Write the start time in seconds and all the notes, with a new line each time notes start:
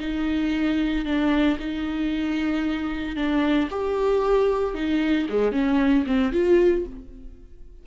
0.00 D#4
1.06 D4
1.59 D#4
3.16 D4
3.71 G4
4.75 D#4
5.29 G#3
5.52 C#4
6.06 C4
6.33 F4